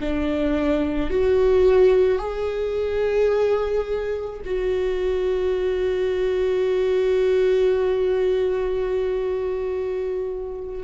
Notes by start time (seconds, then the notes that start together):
0.00 D4
1.10 F#4
2.18 G#4
4.45 F#4